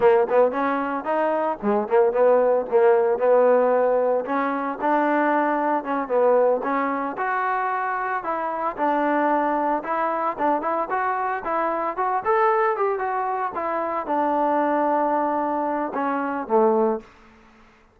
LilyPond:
\new Staff \with { instrumentName = "trombone" } { \time 4/4 \tempo 4 = 113 ais8 b8 cis'4 dis'4 gis8 ais8 | b4 ais4 b2 | cis'4 d'2 cis'8 b8~ | b8 cis'4 fis'2 e'8~ |
e'8 d'2 e'4 d'8 | e'8 fis'4 e'4 fis'8 a'4 | g'8 fis'4 e'4 d'4.~ | d'2 cis'4 a4 | }